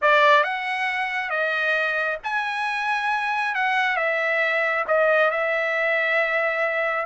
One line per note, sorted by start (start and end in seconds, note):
0.01 0.43 D5
0.43 1.30 F#5
1.30 2.18 D#5
2.23 3.54 G#5
3.54 3.96 F#5
3.96 4.84 E5
4.87 5.30 D#5
5.30 7.05 E5